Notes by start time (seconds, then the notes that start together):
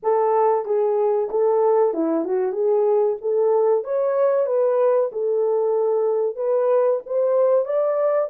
0.03 A4
0.65 G#4
1.30 A4
1.93 E4
2.25 F#4
2.52 G#4
3.21 A4
3.84 C#5
4.46 B4
5.12 A4
6.36 B4
7.05 C5
7.65 D5